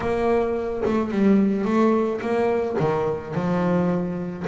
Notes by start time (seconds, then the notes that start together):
0.00 A#3
0.85 A3
1.11 G3
1.64 A3
2.21 A#3
2.79 D#3
3.34 F3